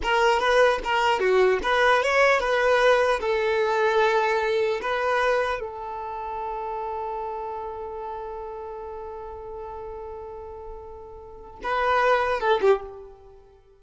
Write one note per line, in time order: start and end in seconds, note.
0.02 0.39 A#4
0.39 0.79 B4
0.83 1.19 A#4
1.19 1.59 F#4
1.63 2.02 B4
2.02 2.40 C#5
2.40 3.20 B4
3.20 4.80 A4
4.81 5.59 B4
5.59 11.59 A4
11.63 12.40 B4
12.40 12.60 A4
12.61 12.81 G4